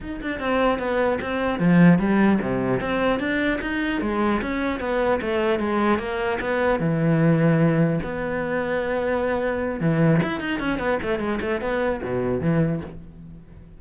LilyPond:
\new Staff \with { instrumentName = "cello" } { \time 4/4 \tempo 4 = 150 dis'8 d'8 c'4 b4 c'4 | f4 g4 c4 c'4 | d'4 dis'4 gis4 cis'4 | b4 a4 gis4 ais4 |
b4 e2. | b1~ | b8 e4 e'8 dis'8 cis'8 b8 a8 | gis8 a8 b4 b,4 e4 | }